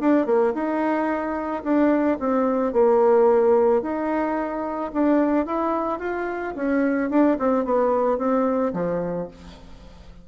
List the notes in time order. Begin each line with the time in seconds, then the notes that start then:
0.00 D4
0.26 A#3
0.54 D#4
1.64 D4
2.20 C4
2.73 A#3
3.82 D#4
4.93 D4
5.46 E4
6.00 F4
6.56 C#4
7.10 D4
7.39 C4
7.65 B3
8.18 C4
8.73 F3